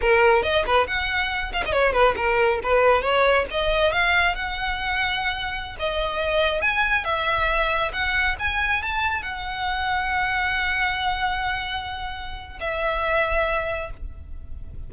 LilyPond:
\new Staff \with { instrumentName = "violin" } { \time 4/4 \tempo 4 = 138 ais'4 dis''8 b'8 fis''4. f''16 dis''16 | cis''8 b'8 ais'4 b'4 cis''4 | dis''4 f''4 fis''2~ | fis''4~ fis''16 dis''2 gis''8.~ |
gis''16 e''2 fis''4 gis''8.~ | gis''16 a''4 fis''2~ fis''8.~ | fis''1~ | fis''4 e''2. | }